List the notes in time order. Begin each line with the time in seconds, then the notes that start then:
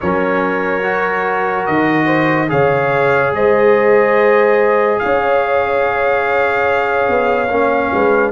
0.01 F#3 C#4 A#4 C#5
0.82 F#4
1.66 D#3 D#5
2.06 C5
2.48 C#3 G#4 C#5 F5
3.32 G#3 C5 D#5
4.98 C#4 C#5 F5
7.08 B3
7.49 A#3 C#4
7.93 G#3 B4